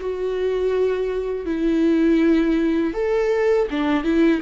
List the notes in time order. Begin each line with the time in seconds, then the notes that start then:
0.00 F#4
1.45 E4
2.94 A4
3.70 D4
4.03 E4